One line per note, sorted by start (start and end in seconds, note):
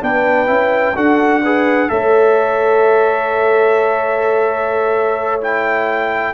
0.00 0.49 B3
0.00 0.47 D4
0.00 0.95 B4
0.00 0.97 G5
0.47 0.96 C#4
0.47 0.94 E4
0.95 1.90 D4
0.95 1.42 F#4
0.95 1.42 A4
0.95 1.90 F#5
1.43 1.89 G#4
1.43 1.90 B4
1.89 6.34 A3
1.89 5.41 A4
1.89 6.34 C#5
1.89 5.41 E5
5.41 6.34 E4
5.41 6.34 G5